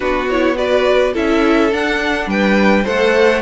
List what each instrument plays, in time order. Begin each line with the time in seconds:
0.00 cello B3, viola D4, violin F#4 B4
0.29 viola E4, violin C#5
0.55 viola F#4, violin B4 D5
1.13 cello C#4, viola E4, violin A4 E5
1.72 cello D4, viola D4, violin F#5
2.27 cello G3, violin B4 G5
2.84 cello A3, viola A4, violin C5 F#5